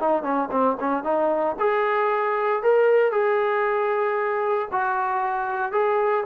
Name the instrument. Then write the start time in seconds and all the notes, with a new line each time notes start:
trombone
0.00 D#4
0.23 C#4
0.51 C4
0.80 C#4
1.04 D#4
1.60 G#4
2.63 A#4
3.12 G#4
4.72 F#4
5.72 G#4